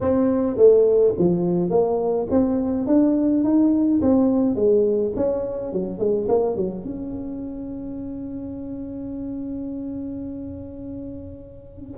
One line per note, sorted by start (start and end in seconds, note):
0.00 0.56 C4
0.56 1.14 A3
1.18 1.70 F3
1.70 2.27 A#3
2.30 2.86 C4
2.86 3.44 D4
3.44 4.01 D#4
4.01 4.55 C4
4.55 5.12 G#3
5.16 5.72 C#4
5.72 5.98 F#3
5.98 6.27 G#3
6.28 6.56 A#3
6.56 6.84 F#3
6.84 11.97 C#4